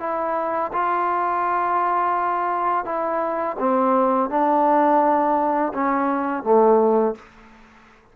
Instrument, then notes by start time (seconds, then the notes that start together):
trombone
0.00 E4
0.73 F4
2.85 E4
3.59 C4
4.30 D4
5.74 C#4
6.44 A3